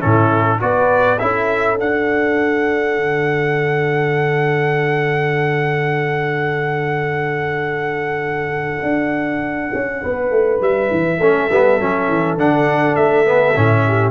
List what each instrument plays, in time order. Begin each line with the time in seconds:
0.00 tuba A2, trombone C#4, horn E4, trumpet A4
0.60 tuba B3, trombone F#4, horn B4, trumpet D5
1.19 tuba C#4, trombone E4, horn A4, trumpet E5
1.77 trombone D4, tuba D4, trumpet F#5
2.97 tuba D3
8.83 tuba D4
9.74 tuba C#4
10.02 tuba B3, horn B4
10.31 tuba A3
10.61 tuba G3, trumpet E5
10.91 tuba E3
11.18 tuba A3, trombone C#4, horn A4
11.51 tuba G3, trombone B3
11.80 tuba F#3, trombone C#4
12.08 tuba E3
12.37 tuba D3, trombone D4, trumpet F#5
12.96 tuba A3, trumpet E5
13.25 trombone B3
13.56 tuba A2, trombone C#4
13.87 horn G4